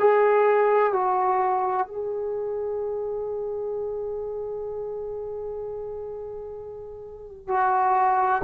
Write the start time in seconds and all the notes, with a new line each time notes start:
0.00 G#4
0.93 F#4
1.87 G#4
7.48 F#4